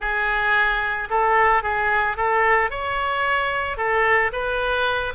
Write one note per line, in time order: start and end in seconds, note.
0.00 1.08 G#4
1.10 1.62 A4
1.62 2.16 G#4
2.16 2.70 A4
2.70 3.77 C#5
3.77 4.31 A4
4.32 5.13 B4